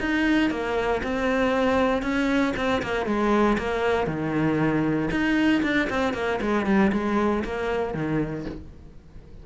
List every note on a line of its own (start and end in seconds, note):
0.00 0.50 D#4
0.50 1.02 A#3
1.03 2.02 C4
2.02 2.53 C#4
2.56 2.82 C4
2.82 3.06 A#3
3.06 3.57 G#3
3.58 4.07 A#3
4.07 5.09 D#3
5.11 5.62 D#4
5.62 5.88 D4
5.89 6.14 C4
6.14 6.39 A#3
6.41 6.66 G#3
6.66 6.92 G3
6.92 7.44 G#3
7.44 7.94 A#3
7.94 8.45 D#3